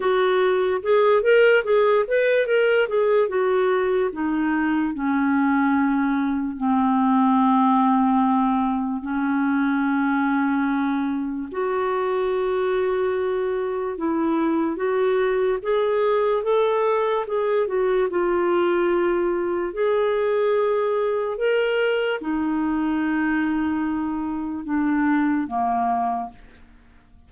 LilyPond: \new Staff \with { instrumentName = "clarinet" } { \time 4/4 \tempo 4 = 73 fis'4 gis'8 ais'8 gis'8 b'8 ais'8 gis'8 | fis'4 dis'4 cis'2 | c'2. cis'4~ | cis'2 fis'2~ |
fis'4 e'4 fis'4 gis'4 | a'4 gis'8 fis'8 f'2 | gis'2 ais'4 dis'4~ | dis'2 d'4 ais4 | }